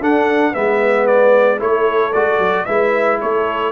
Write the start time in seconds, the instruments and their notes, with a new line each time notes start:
0.00 tuba D4, trombone D4, horn A4, trumpet F#5
0.52 tuba G#3, trombone B3, horn B4, trumpet E5
1.06 trumpet D5
1.59 tuba A3, trombone E4, horn A4, trumpet C#5
2.13 tuba G#3, trombone F#4, trumpet D5
2.38 tuba F#3
2.65 tuba G#3, trombone E4, horn B4, trumpet E5
3.21 tuba A3, horn A4, trumpet C#5